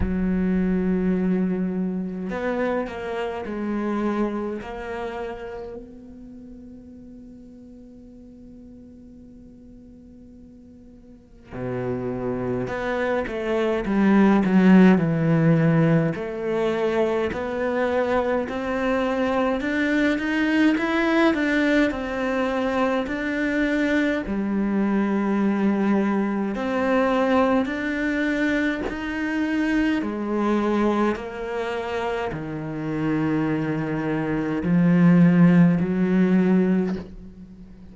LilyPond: \new Staff \with { instrumentName = "cello" } { \time 4/4 \tempo 4 = 52 fis2 b8 ais8 gis4 | ais4 b2.~ | b2 b,4 b8 a8 | g8 fis8 e4 a4 b4 |
c'4 d'8 dis'8 e'8 d'8 c'4 | d'4 g2 c'4 | d'4 dis'4 gis4 ais4 | dis2 f4 fis4 | }